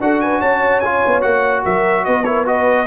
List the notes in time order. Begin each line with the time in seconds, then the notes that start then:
0.00 D4 F#4 A4 F#5
0.21 B4 G#5
0.40 C#4 C#5 A5
0.80 F4 G#5
1.06 B3
1.21 A#3 F#4 F#5
1.64 F#3 A#4 E5
2.05 B3 B4 D#5
2.24 E4 A#4 C#5
2.45 F#4 B4 D#5